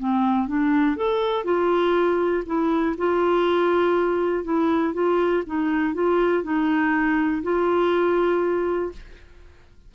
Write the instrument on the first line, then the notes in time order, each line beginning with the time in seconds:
clarinet
0.00 C4
0.48 D4
0.96 A4
1.45 F4
2.46 E4
2.98 F4
4.44 E4
4.94 F4
5.47 D#4
5.94 F4
6.43 D#4
7.43 F4